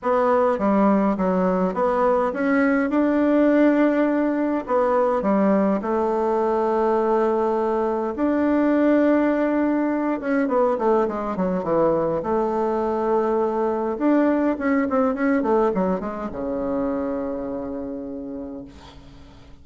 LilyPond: \new Staff \with { instrumentName = "bassoon" } { \time 4/4 \tempo 4 = 103 b4 g4 fis4 b4 | cis'4 d'2. | b4 g4 a2~ | a2 d'2~ |
d'4. cis'8 b8 a8 gis8 fis8 | e4 a2. | d'4 cis'8 c'8 cis'8 a8 fis8 gis8 | cis1 | }